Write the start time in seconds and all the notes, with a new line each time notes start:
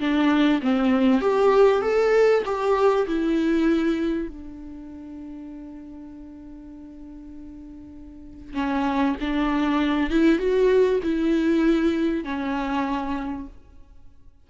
0.00 D4
0.62 C4
1.21 G4
1.82 A4
2.46 G4
3.07 E4
4.28 D4
8.54 C#4
9.21 D4
10.10 E4
10.39 F#4
11.03 E4
12.24 C#4